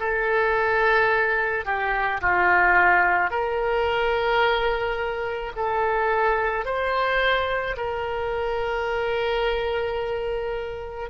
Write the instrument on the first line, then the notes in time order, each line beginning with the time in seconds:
oboe
0.00 A4
1.66 G4
2.22 F4
3.31 A#4
5.57 A4
6.66 C5
7.77 A#4